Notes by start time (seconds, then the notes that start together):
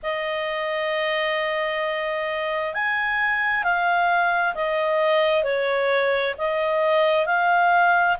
0.02 D#5
2.74 G#5
3.63 F5
4.55 D#5
5.43 C#5
6.38 D#5
7.26 F5